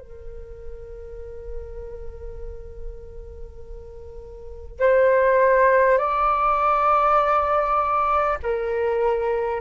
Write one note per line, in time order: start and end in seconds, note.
0.00 4.80 A#4
4.80 5.98 C5
5.98 8.38 D5
8.43 9.61 A#4